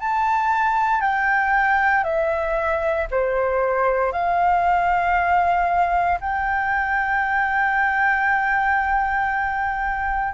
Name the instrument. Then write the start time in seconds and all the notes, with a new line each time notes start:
flute
0.00 A5
1.02 G5
2.04 E5
3.11 C5
4.12 F5
6.21 G5